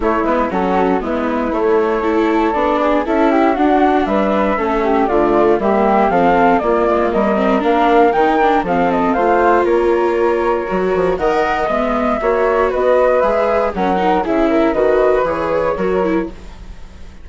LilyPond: <<
  \new Staff \with { instrumentName = "flute" } { \time 4/4 \tempo 4 = 118 cis''8 b'8 a'4 b'4 cis''4~ | cis''4 d''4 e''4 fis''4 | e''2 d''4 e''4 | f''4 d''4 dis''4 f''4 |
g''4 f''8 dis''8 f''4 cis''4~ | cis''2 fis''4 e''4~ | e''4 dis''4 e''4 fis''4 | e''4 dis''4 cis''2 | }
  \new Staff \with { instrumentName = "flute" } { \time 4/4 e'4 fis'4 e'2 | a'4. gis'8 a'8 g'8 fis'4 | b'4 a'8 g'8 f'4 g'4 | a'4 f'4 ais'2~ |
ais'4 a'4 c''4 ais'4~ | ais'2 dis''2 | cis''4 b'2 ais'4 | gis'8 ais'8 b'2 ais'4 | }
  \new Staff \with { instrumentName = "viola" } { \time 4/4 a8 b8 cis'4 b4 a4 | e'4 d'4 e'4 d'4~ | d'4 cis'4 a4 ais4 | c'4 ais4. c'8 d'4 |
dis'8 d'8 c'4 f'2~ | f'4 fis'4 ais'4 b4 | fis'2 gis'4 cis'8 dis'8 | e'4 fis'4 gis'4 fis'8 e'8 | }
  \new Staff \with { instrumentName = "bassoon" } { \time 4/4 a8 gis8 fis4 gis4 a4~ | a4 b4 cis'4 d'4 | g4 a4 d4 g4 | f4 ais8 gis8 g4 ais4 |
dis4 f4 a4 ais4~ | ais4 fis8 f8 dis4 gis4 | ais4 b4 gis4 fis4 | cis4 dis4 e4 fis4 | }
>>